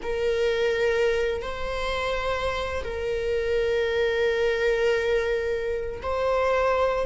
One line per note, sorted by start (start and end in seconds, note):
0.02 1.41 A#4
1.41 2.83 C5
2.83 6.01 A#4
6.02 7.06 C5